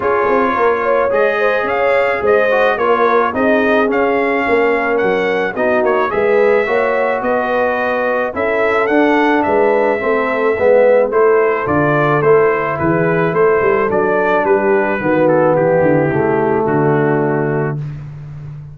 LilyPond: <<
  \new Staff \with { instrumentName = "trumpet" } { \time 4/4 \tempo 4 = 108 cis''2 dis''4 f''4 | dis''4 cis''4 dis''4 f''4~ | f''4 fis''4 dis''8 cis''8 e''4~ | e''4 dis''2 e''4 |
fis''4 e''2. | c''4 d''4 c''4 b'4 | c''4 d''4 b'4. a'8 | g'2 fis'2 | }
  \new Staff \with { instrumentName = "horn" } { \time 4/4 gis'4 ais'8 cis''4 c''8 cis''4 | c''4 ais'4 gis'2 | ais'2 fis'4 b'4 | cis''4 b'2 a'4~ |
a'4 b'4 a'4 b'4 | a'2. gis'4 | a'2 g'4 fis'4 | e'2 d'2 | }
  \new Staff \with { instrumentName = "trombone" } { \time 4/4 f'2 gis'2~ | gis'8 fis'8 f'4 dis'4 cis'4~ | cis'2 dis'4 gis'4 | fis'2. e'4 |
d'2 c'4 b4 | e'4 f'4 e'2~ | e'4 d'2 b4~ | b4 a2. | }
  \new Staff \with { instrumentName = "tuba" } { \time 4/4 cis'8 c'8 ais4 gis4 cis'4 | gis4 ais4 c'4 cis'4 | ais4 fis4 b8 ais8 gis4 | ais4 b2 cis'4 |
d'4 gis4 a4 gis4 | a4 d4 a4 e4 | a8 g8 fis4 g4 dis4 | e8 d8 cis4 d2 | }
>>